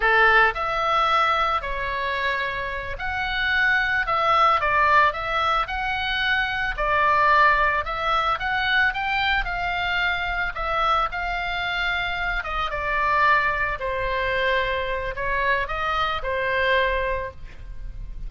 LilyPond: \new Staff \with { instrumentName = "oboe" } { \time 4/4 \tempo 4 = 111 a'4 e''2 cis''4~ | cis''4. fis''2 e''8~ | e''8 d''4 e''4 fis''4.~ | fis''8 d''2 e''4 fis''8~ |
fis''8 g''4 f''2 e''8~ | e''8 f''2~ f''8 dis''8 d''8~ | d''4. c''2~ c''8 | cis''4 dis''4 c''2 | }